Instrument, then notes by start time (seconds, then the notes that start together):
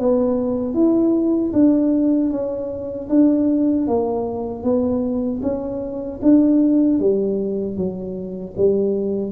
tuba
0.00 B3
0.74 E4
1.53 D4
2.31 C#4
3.10 D4
3.88 A#3
4.64 B3
5.43 C#4
6.23 D4
7.00 G3
7.77 F#3
8.57 G3